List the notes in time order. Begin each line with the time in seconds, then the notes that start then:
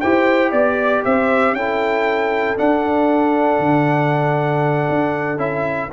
0.00 E4 G4 C5 G5
0.51 B3 D5
1.04 C4 C5 E5
1.53 C#4 E4 A4 G5
2.57 D4 F#5
3.59 D3
4.89 D4
5.36 C#4 E4 E5